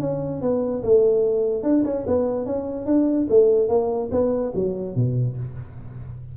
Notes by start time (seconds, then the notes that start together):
0.00 C#4
0.41 B3
0.82 A3
1.63 D4
1.84 C#4
2.06 B3
2.45 C#4
2.85 D4
3.29 A3
3.68 A#3
4.11 B3
4.54 F#3
4.95 B2